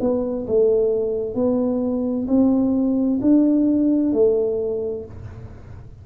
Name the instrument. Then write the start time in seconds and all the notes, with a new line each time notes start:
tuba
0.00 B3
0.47 A3
1.34 B3
2.27 C4
3.21 D4
4.13 A3